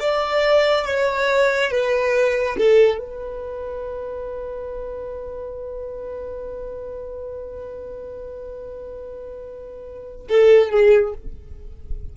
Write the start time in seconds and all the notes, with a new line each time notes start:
0.00 D5
0.85 C#5
1.71 B4
2.57 A4
2.98 B4
10.29 A4
10.71 G#4